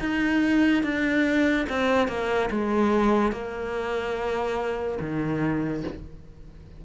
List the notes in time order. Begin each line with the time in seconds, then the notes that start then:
0.00 D#4
0.83 D4
1.70 C4
2.08 A#3
2.50 G#3
3.32 A#3
5.01 D#3